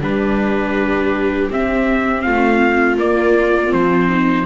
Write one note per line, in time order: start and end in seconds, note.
0.00 1.48 G3
0.00 1.49 D4
0.00 2.25 G4
0.00 1.51 B4
1.50 2.97 C4
1.50 2.25 C4
1.50 2.22 E5
2.22 2.98 A3
2.22 4.08 F4
2.22 2.96 F5
2.97 3.69 A#3
2.97 3.72 A#3
2.97 3.72 D5
3.69 4.46 F3
3.69 4.43 C4
3.69 4.46 C5
4.08 4.45 D#4